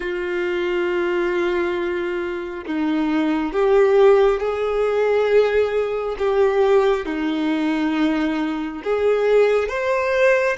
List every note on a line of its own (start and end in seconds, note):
0.00 2.65 F4
2.66 3.53 D#4
3.53 4.40 G4
4.40 6.16 G#4
6.18 7.05 G4
7.05 8.82 D#4
8.83 9.68 G#4
9.68 10.56 C5